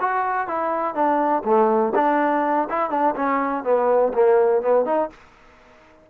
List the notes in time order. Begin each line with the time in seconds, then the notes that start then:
0.00 F#4
0.47 E4
0.94 D4
1.45 A3
1.95 D4
2.69 E4
2.90 D4
3.16 C#4
3.64 B3
4.13 A#3
4.62 B3
4.85 D#4